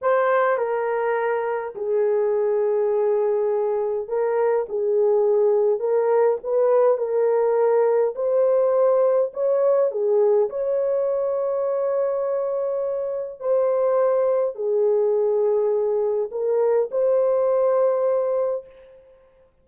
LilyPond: \new Staff \with { instrumentName = "horn" } { \time 4/4 \tempo 4 = 103 c''4 ais'2 gis'4~ | gis'2. ais'4 | gis'2 ais'4 b'4 | ais'2 c''2 |
cis''4 gis'4 cis''2~ | cis''2. c''4~ | c''4 gis'2. | ais'4 c''2. | }